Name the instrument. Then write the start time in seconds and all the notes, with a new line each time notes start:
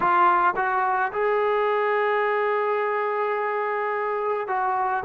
trombone
0.00 F4
0.56 F#4
1.12 G#4
4.47 F#4